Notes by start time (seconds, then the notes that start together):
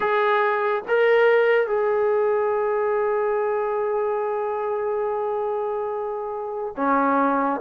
0.00 G#4
0.88 A#4
1.67 G#4
6.76 C#4